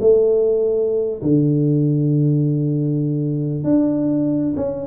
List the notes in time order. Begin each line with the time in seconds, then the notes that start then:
0.00 A3
1.21 D3
3.64 D4
4.56 C#4